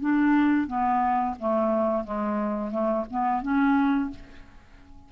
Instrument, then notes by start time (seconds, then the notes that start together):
clarinet
0.00 D4
0.67 B3
1.39 A3
2.04 G#3
2.71 A3
3.10 B3
3.42 C#4